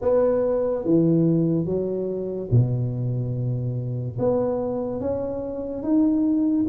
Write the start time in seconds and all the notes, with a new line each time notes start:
0.01 B3
0.84 E3
1.65 F#3
2.50 B2
4.19 B3
5.00 C#4
5.82 D#4